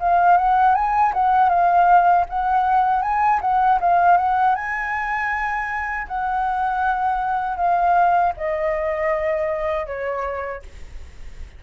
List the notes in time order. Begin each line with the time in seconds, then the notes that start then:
0.00 F5
0.38 F#5
0.76 G#5
1.14 F#5
1.50 F5
2.30 F#5
3.03 G#5
3.42 F#5
3.81 F5
4.18 F#5
4.56 G#5
6.08 F#5
7.57 F5
8.38 D#5
9.87 C#5